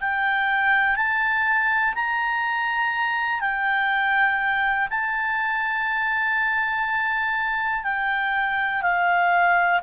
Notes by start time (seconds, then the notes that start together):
0.00 G5
0.96 A5
1.94 A#5
3.40 G5
4.90 A5
7.83 G5
8.82 F5